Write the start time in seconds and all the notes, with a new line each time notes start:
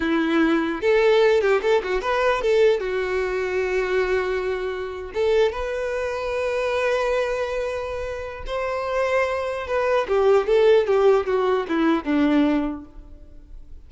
0.00 E4
0.81 A4
1.41 G4
1.62 A4
1.83 F#4
2.01 B4
2.41 A4
2.80 F#4
5.14 A4
5.52 B4
8.46 C5
9.67 B4
10.08 G4
10.46 A4
10.87 G4
11.26 F#4
11.68 E4
12.04 D4